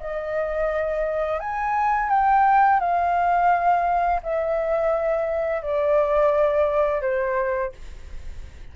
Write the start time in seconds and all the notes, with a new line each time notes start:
0.00 D#5
1.40 G#5
2.10 G5
2.80 F5
4.24 E5
5.62 D5
7.02 C5